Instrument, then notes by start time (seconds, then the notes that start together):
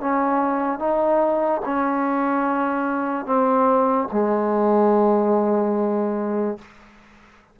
trombone
0.00 C#4
0.79 D#4
1.64 C#4
3.25 C4
4.11 G#3